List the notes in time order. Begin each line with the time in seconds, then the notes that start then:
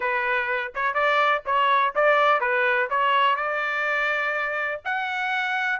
0.00 B4
0.75 C#5
0.93 D5
1.45 C#5
1.95 D5
2.40 B4
2.90 C#5
3.35 D5
4.84 F#5